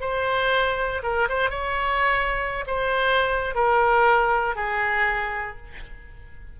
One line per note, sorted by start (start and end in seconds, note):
0.00 1.02 C5
1.02 1.28 A#4
1.29 1.50 C5
1.50 2.64 C#5
2.66 3.55 C5
3.55 4.55 A#4
4.55 5.57 G#4